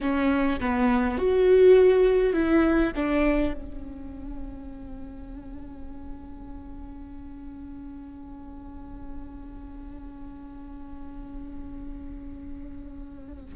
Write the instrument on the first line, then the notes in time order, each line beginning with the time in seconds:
viola
0.01 C#4
0.59 B3
1.18 F#4
2.33 E4
2.95 D4
3.53 C#4